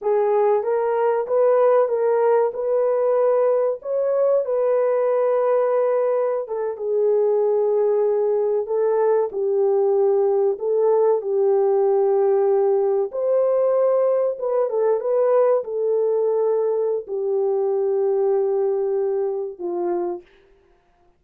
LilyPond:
\new Staff \with { instrumentName = "horn" } { \time 4/4 \tempo 4 = 95 gis'4 ais'4 b'4 ais'4 | b'2 cis''4 b'4~ | b'2~ b'16 a'8 gis'4~ gis'16~ | gis'4.~ gis'16 a'4 g'4~ g'16~ |
g'8. a'4 g'2~ g'16~ | g'8. c''2 b'8 a'8 b'16~ | b'8. a'2~ a'16 g'4~ | g'2. f'4 | }